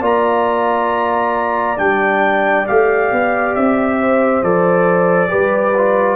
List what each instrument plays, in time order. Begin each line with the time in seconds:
0.00 tuba A#3, trombone F4, horn D5, trumpet A#5
1.77 tuba G3, trombone D4, trumpet G5
2.67 tuba A3, trombone G4, trumpet F5
3.12 tuba B3
3.55 tuba C4, trumpet E5
3.99 horn C5
4.42 tuba F3, trombone A4, trumpet D5
5.28 tuba G3, trombone G4, horn B4
5.77 trombone F4